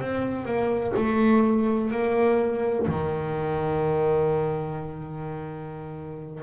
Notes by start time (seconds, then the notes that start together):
0.00 C4
0.45 A#3
0.96 A3
1.91 A#3
2.87 D#3